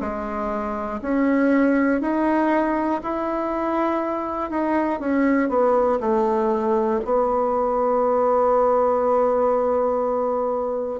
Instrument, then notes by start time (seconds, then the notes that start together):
bassoon
0.00 G#3
1.02 C#4
2.01 D#4
3.03 E4
4.50 D#4
5.00 C#4
5.49 B3
6.00 A3
7.05 B3